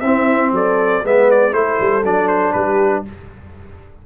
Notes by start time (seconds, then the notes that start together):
0.00 C4 E4 E5
0.51 F#3 A4 D5
1.03 G#3 B3 B4 E5
1.30 D5
1.52 A3 E4 A4 C5
1.80 G3
2.03 F#3 D4 D5
2.28 C5
2.52 G3 G4 B4